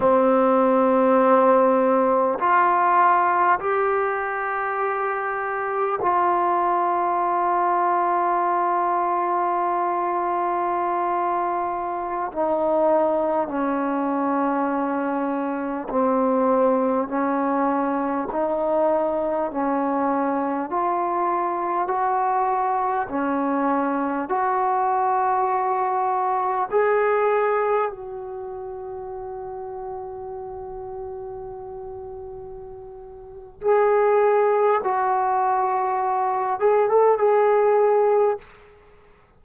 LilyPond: \new Staff \with { instrumentName = "trombone" } { \time 4/4 \tempo 4 = 50 c'2 f'4 g'4~ | g'4 f'2.~ | f'2~ f'16 dis'4 cis'8.~ | cis'4~ cis'16 c'4 cis'4 dis'8.~ |
dis'16 cis'4 f'4 fis'4 cis'8.~ | cis'16 fis'2 gis'4 fis'8.~ | fis'1 | gis'4 fis'4. gis'16 a'16 gis'4 | }